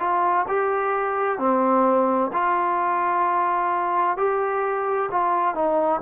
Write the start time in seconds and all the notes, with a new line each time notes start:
0.00 F4
0.48 G4
1.38 C4
2.33 F4
4.17 G4
5.11 F4
5.55 D#4